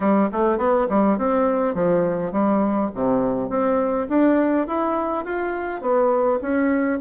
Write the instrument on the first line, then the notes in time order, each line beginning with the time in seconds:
bassoon
0.00 G3
0.32 A3
0.58 B3
0.89 G3
1.18 C4
1.74 F3
2.32 G3
2.94 C3
3.49 C4
4.08 D4
4.67 E4
5.25 F4
5.81 B3
6.41 C#4